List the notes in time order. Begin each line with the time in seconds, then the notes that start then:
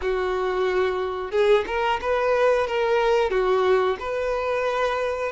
0.01 F#4
1.31 G#4
1.66 A#4
2.01 B4
2.67 A#4
3.30 F#4
3.99 B4